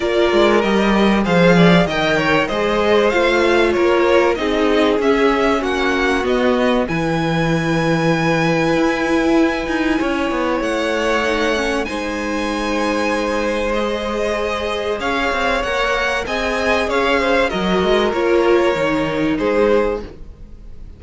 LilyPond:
<<
  \new Staff \with { instrumentName = "violin" } { \time 4/4 \tempo 4 = 96 d''4 dis''4 f''4 g''4 | dis''4 f''4 cis''4 dis''4 | e''4 fis''4 dis''4 gis''4~ | gis''1~ |
gis''4 fis''2 gis''4~ | gis''2 dis''2 | f''4 fis''4 gis''4 f''4 | dis''4 cis''2 c''4 | }
  \new Staff \with { instrumentName = "violin" } { \time 4/4 ais'2 c''8 d''8 dis''8 cis''8 | c''2 ais'4 gis'4~ | gis'4 fis'2 b'4~ | b'1 |
cis''2. c''4~ | c''1 | cis''2 dis''4 cis''8 c''8 | ais'2. gis'4 | }
  \new Staff \with { instrumentName = "viola" } { \time 4/4 f'4 g'4 gis'4 ais'4 | gis'4 f'2 dis'4 | cis'2 b4 e'4~ | e'1~ |
e'2 dis'8 cis'8 dis'4~ | dis'2 gis'2~ | gis'4 ais'4 gis'2 | fis'4 f'4 dis'2 | }
  \new Staff \with { instrumentName = "cello" } { \time 4/4 ais8 gis8 g4 f4 dis4 | gis4 a4 ais4 c'4 | cis'4 ais4 b4 e4~ | e2 e'4. dis'8 |
cis'8 b8 a2 gis4~ | gis1 | cis'8 c'8 ais4 c'4 cis'4 | fis8 gis8 ais4 dis4 gis4 | }
>>